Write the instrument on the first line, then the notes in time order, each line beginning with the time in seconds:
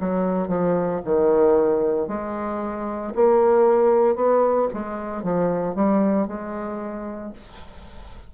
bassoon
0.00 F#3
0.48 F3
1.05 D#3
2.08 G#3
3.15 A#3
4.15 B3
4.73 G#3
5.23 F3
5.75 G3
6.28 G#3